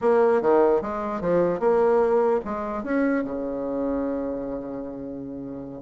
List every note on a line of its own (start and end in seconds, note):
0.01 0.41 A#3
0.41 0.81 D#3
0.81 1.20 G#3
1.20 1.59 F3
1.59 2.40 A#3
2.44 2.83 G#3
2.83 3.23 C#4
3.24 5.82 C#3